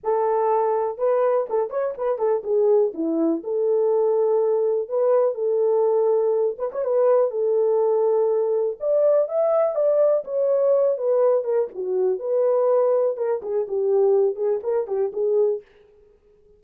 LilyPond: \new Staff \with { instrumentName = "horn" } { \time 4/4 \tempo 4 = 123 a'2 b'4 a'8 cis''8 | b'8 a'8 gis'4 e'4 a'4~ | a'2 b'4 a'4~ | a'4. b'16 cis''16 b'4 a'4~ |
a'2 d''4 e''4 | d''4 cis''4. b'4 ais'8 | fis'4 b'2 ais'8 gis'8 | g'4. gis'8 ais'8 g'8 gis'4 | }